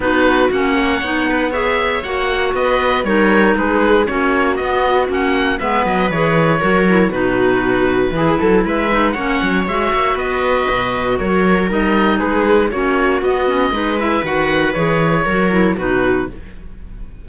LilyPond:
<<
  \new Staff \with { instrumentName = "oboe" } { \time 4/4 \tempo 4 = 118 b'4 fis''2 e''4 | fis''4 dis''4 cis''4 b'4 | cis''4 dis''4 fis''4 e''8 dis''8 | cis''2 b'2~ |
b'4 e''4 fis''4 e''4 | dis''2 cis''4 dis''4 | b'4 cis''4 dis''4. e''8 | fis''4 cis''2 b'4 | }
  \new Staff \with { instrumentName = "viola" } { \time 4/4 fis'4. cis''4 b'8 cis''4~ | cis''4 b'4 ais'4 gis'4 | fis'2. b'4~ | b'4 ais'4 fis'2 |
gis'8 a'8 b'4 cis''2 | b'2 ais'2 | gis'4 fis'2 b'4~ | b'2 ais'4 fis'4 | }
  \new Staff \with { instrumentName = "clarinet" } { \time 4/4 dis'4 cis'4 dis'4 gis'4 | fis'2 dis'2 | cis'4 b4 cis'4 b4 | gis'4 fis'8 e'8 dis'2 |
e'4. dis'8 cis'4 fis'4~ | fis'2. dis'4~ | dis'4 cis'4 b8 cis'8 dis'8 e'8 | fis'4 gis'4 fis'8 e'8 dis'4 | }
  \new Staff \with { instrumentName = "cello" } { \time 4/4 b4 ais4 b2 | ais4 b4 g4 gis4 | ais4 b4 ais4 gis8 fis8 | e4 fis4 b,2 |
e8 fis8 gis4 ais8 fis8 gis8 ais8 | b4 b,4 fis4 g4 | gis4 ais4 b4 gis4 | dis4 e4 fis4 b,4 | }
>>